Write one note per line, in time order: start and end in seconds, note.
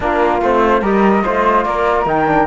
0.00 0.41 A#3
0.00 0.40 D4
0.00 0.81 F4
0.00 0.43 A#4
0.41 0.81 A3
0.41 0.82 C4
0.41 0.84 C5
0.81 1.23 G3
0.81 1.23 G4
0.81 1.22 A#4
0.81 1.64 D#5
1.23 1.65 A3
1.23 2.06 F4
1.23 1.65 C5
1.64 2.05 A#3
1.64 2.47 A#4
1.64 2.05 D5
2.05 2.47 D#3
2.05 2.26 D#4
2.05 2.47 G5
2.26 2.47 D4